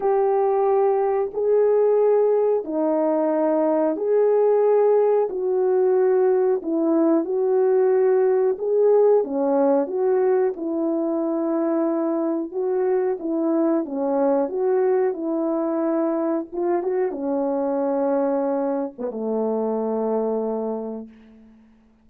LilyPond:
\new Staff \with { instrumentName = "horn" } { \time 4/4 \tempo 4 = 91 g'2 gis'2 | dis'2 gis'2 | fis'2 e'4 fis'4~ | fis'4 gis'4 cis'4 fis'4 |
e'2. fis'4 | e'4 cis'4 fis'4 e'4~ | e'4 f'8 fis'8 cis'2~ | cis'8. b16 a2. | }